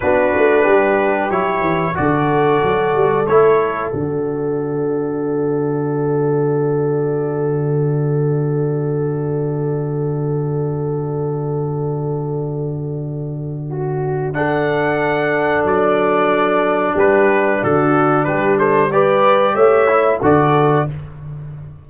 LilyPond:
<<
  \new Staff \with { instrumentName = "trumpet" } { \time 4/4 \tempo 4 = 92 b'2 cis''4 d''4~ | d''4 cis''4 d''2~ | d''1~ | d''1~ |
d''1~ | d''2 fis''2 | d''2 b'4 a'4 | b'8 c''8 d''4 e''4 d''4 | }
  \new Staff \with { instrumentName = "horn" } { \time 4/4 fis'4 g'2 a'4~ | a'1~ | a'1~ | a'1~ |
a'1~ | a'4 fis'4 a'2~ | a'2 g'4 fis'4 | g'8 a'8 b'4 cis''4 a'4 | }
  \new Staff \with { instrumentName = "trombone" } { \time 4/4 d'2 e'4 fis'4~ | fis'4 e'4 fis'2~ | fis'1~ | fis'1~ |
fis'1~ | fis'2 d'2~ | d'1~ | d'4 g'4. e'8 fis'4 | }
  \new Staff \with { instrumentName = "tuba" } { \time 4/4 b8 a8 g4 fis8 e8 d4 | fis8 g8 a4 d2~ | d1~ | d1~ |
d1~ | d1 | fis2 g4 d4 | g2 a4 d4 | }
>>